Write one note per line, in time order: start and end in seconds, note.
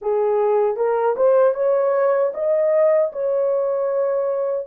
0.01 0.76 G#4
0.76 1.15 A#4
1.16 1.54 C5
1.54 2.32 C#5
2.33 3.11 D#5
3.12 4.66 C#5